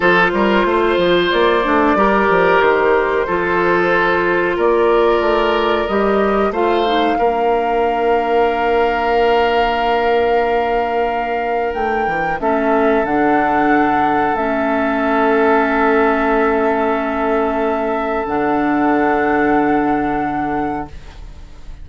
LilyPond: <<
  \new Staff \with { instrumentName = "flute" } { \time 4/4 \tempo 4 = 92 c''2 d''2 | c''2. d''4~ | d''4 dis''4 f''2~ | f''1~ |
f''2 g''4 e''4 | fis''2 e''2~ | e''1 | fis''1 | }
  \new Staff \with { instrumentName = "oboe" } { \time 4/4 a'8 ais'8 c''2 ais'4~ | ais'4 a'2 ais'4~ | ais'2 c''4 ais'4~ | ais'1~ |
ais'2. a'4~ | a'1~ | a'1~ | a'1 | }
  \new Staff \with { instrumentName = "clarinet" } { \time 4/4 f'2~ f'8 d'8 g'4~ | g'4 f'2.~ | f'4 g'4 f'8 dis'8 d'4~ | d'1~ |
d'2. cis'4 | d'2 cis'2~ | cis'1 | d'1 | }
  \new Staff \with { instrumentName = "bassoon" } { \time 4/4 f8 g8 a8 f8 ais8 a8 g8 f8 | dis4 f2 ais4 | a4 g4 a4 ais4~ | ais1~ |
ais2 a8 e8 a4 | d2 a2~ | a1 | d1 | }
>>